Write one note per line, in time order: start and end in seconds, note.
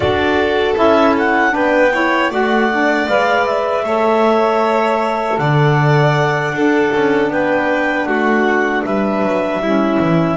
0.00 0.74 D4
0.00 0.75 F#4
0.00 1.53 A4
0.00 0.75 D5
0.75 1.53 C#4
0.75 1.50 E4
0.75 1.16 E5
1.17 1.55 F#5
1.50 2.30 B3
1.50 1.88 D4
1.50 1.92 B4
1.50 2.32 G5
1.92 2.31 E4
1.92 2.30 C#5
2.30 3.07 A3
2.30 2.69 F#4
2.30 3.84 D5
2.30 3.08 F#5
2.71 3.08 D4
3.08 3.83 G#3
3.08 3.84 B4
3.08 3.46 F5
3.46 5.38 E5
3.83 5.37 A3
3.83 6.54 A4
3.83 5.39 C#5
5.38 6.52 D3
5.38 6.54 D5
5.38 7.30 F#5
6.52 6.90 D4
6.52 9.62 D4
6.52 7.32 A4
6.94 7.28 C#4
7.28 8.05 B3
7.28 8.08 B4
7.28 8.05 G5
8.05 8.83 A3
8.05 8.84 F#4
8.05 8.82 F#5
8.85 9.22 G3
8.85 9.62 B4
8.85 10.37 E5
9.22 9.59 F#3
9.59 9.97 G3
9.59 10.37 C#4
9.59 10.37 E4
10.00 10.37 E3